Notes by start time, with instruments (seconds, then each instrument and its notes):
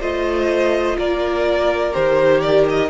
0.00 cello A3, viola F4, violin C5 D#5
0.98 cello A#3, violin A#4 D5
1.93 cello D#3, viola G4, violin C5
2.41 violin D5
2.69 violin D#5